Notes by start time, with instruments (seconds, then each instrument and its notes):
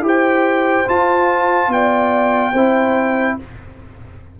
0.00 tuba E4, trombone G4, horn C5
0.07 trumpet G5
0.86 trombone F4, tuba F4, trumpet A5
1.68 tuba B3, horn D5, trumpet G5
2.52 tuba C4, trombone E4, horn C5